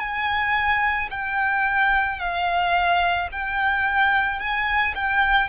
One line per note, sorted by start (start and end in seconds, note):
0.00 1.09 G#5
1.11 2.20 G5
2.20 3.29 F5
3.32 4.40 G5
4.40 4.94 G#5
4.95 5.49 G5